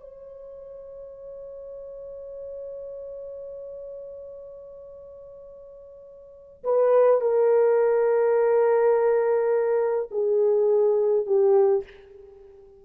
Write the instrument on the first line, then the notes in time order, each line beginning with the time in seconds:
horn
0.00 C#5
6.64 B4
7.21 A#4
10.11 G#4
11.26 G4